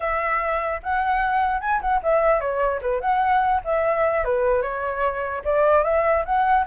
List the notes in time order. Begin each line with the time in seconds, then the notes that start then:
0.00 E5
0.82 F#5
1.60 G#5
1.81 F#5
2.02 E5
2.40 C#5
2.81 B4
3.01 F#5
3.64 E5
4.24 B4
4.61 C#5
5.44 D5
5.84 E5
6.25 F#5